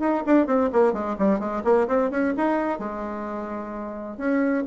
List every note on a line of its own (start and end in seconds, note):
0.00 0.23 D#4
0.26 0.47 D4
0.47 0.70 C4
0.73 0.93 A#3
0.93 1.16 G#3
1.19 1.39 G3
1.39 1.63 G#3
1.64 1.88 A#3
1.88 2.10 C4
2.10 2.34 C#4
2.37 2.79 D#4
2.79 4.17 G#3
4.17 4.64 C#4